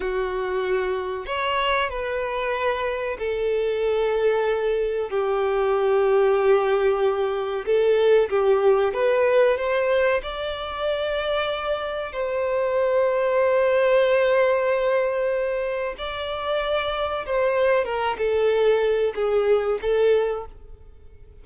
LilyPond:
\new Staff \with { instrumentName = "violin" } { \time 4/4 \tempo 4 = 94 fis'2 cis''4 b'4~ | b'4 a'2. | g'1 | a'4 g'4 b'4 c''4 |
d''2. c''4~ | c''1~ | c''4 d''2 c''4 | ais'8 a'4. gis'4 a'4 | }